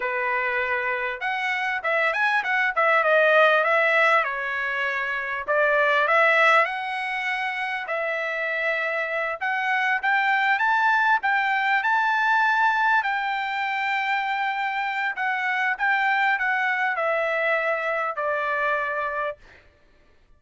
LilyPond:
\new Staff \with { instrumentName = "trumpet" } { \time 4/4 \tempo 4 = 99 b'2 fis''4 e''8 gis''8 | fis''8 e''8 dis''4 e''4 cis''4~ | cis''4 d''4 e''4 fis''4~ | fis''4 e''2~ e''8 fis''8~ |
fis''8 g''4 a''4 g''4 a''8~ | a''4. g''2~ g''8~ | g''4 fis''4 g''4 fis''4 | e''2 d''2 | }